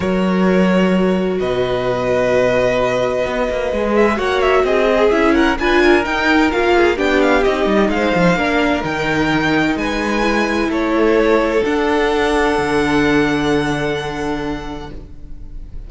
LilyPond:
<<
  \new Staff \with { instrumentName = "violin" } { \time 4/4 \tempo 4 = 129 cis''2. dis''4~ | dis''1~ | dis''8 e''8 fis''8 e''8 dis''4 e''8 fis''8 | gis''4 g''4 f''4 g''8 f''8 |
dis''4 f''2 g''4~ | g''4 gis''2 cis''4~ | cis''4 fis''2.~ | fis''1 | }
  \new Staff \with { instrumentName = "violin" } { \time 4/4 ais'2. b'4~ | b'1~ | b'4 cis''4 gis'4. ais'8 | b'8 ais'2 gis'8 g'4~ |
g'4 c''4 ais'2~ | ais'4 b'2 a'4~ | a'1~ | a'1 | }
  \new Staff \with { instrumentName = "viola" } { \time 4/4 fis'1~ | fis'1 | gis'4 fis'4. gis'8 e'4 | f'4 dis'4 f'4 d'4 |
dis'2 d'4 dis'4~ | dis'2 e'2~ | e'4 d'2.~ | d'1 | }
  \new Staff \with { instrumentName = "cello" } { \time 4/4 fis2. b,4~ | b,2. b8 ais8 | gis4 ais4 c'4 cis'4 | d'4 dis'4 ais4 b4 |
c'8 g8 gis8 f8 ais4 dis4~ | dis4 gis2 a4~ | a4 d'2 d4~ | d1 | }
>>